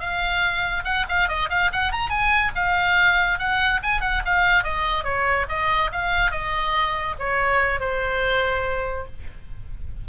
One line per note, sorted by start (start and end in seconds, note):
0.00 0.84 F5
0.84 1.05 F#5
1.09 1.28 F5
1.28 1.49 D#5
1.50 1.71 F5
1.73 1.92 F#5
1.92 2.10 A#5
2.10 2.52 G#5
2.55 3.39 F5
3.39 3.81 F#5
3.83 4.01 G#5
4.01 4.22 F#5
4.25 4.63 F5
4.63 5.04 D#5
5.04 5.46 C#5
5.49 5.91 D#5
5.92 6.31 F5
6.31 7.15 D#5
7.19 7.80 C#5
7.80 9.06 C5